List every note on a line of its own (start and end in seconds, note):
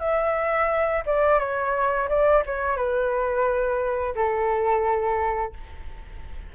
0.00 1.03 E5
1.06 1.40 D5
1.40 2.09 C#5
2.09 2.44 D5
2.46 2.77 C#5
2.77 4.15 B4
4.16 5.54 A4